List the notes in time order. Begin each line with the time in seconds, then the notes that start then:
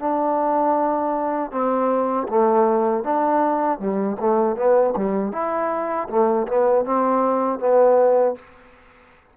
0.00 D4
1.52 C4
2.29 A3
3.04 D4
3.79 G3
4.20 A3
4.57 B3
4.97 G3
5.33 E4
6.10 A3
6.48 B3
6.85 C4
7.60 B3